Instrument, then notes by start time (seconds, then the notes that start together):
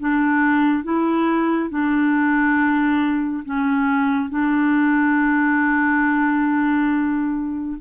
clarinet
0.00 D4
0.84 E4
1.70 D4
3.45 C#4
4.30 D4